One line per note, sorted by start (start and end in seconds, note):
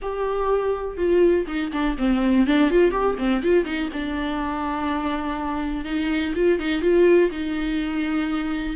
0.02 0.97 G4
0.97 1.46 F4
1.47 1.71 D#4
1.72 1.96 D4
1.98 2.46 C4
2.47 2.70 D4
2.70 2.91 F4
2.91 3.15 G4
3.18 3.42 C4
3.42 3.65 F4
3.65 3.89 D#4
3.92 5.84 D4
5.84 6.33 D#4
6.35 6.59 F4
6.59 6.81 D#4
6.81 7.30 F4
7.31 8.76 D#4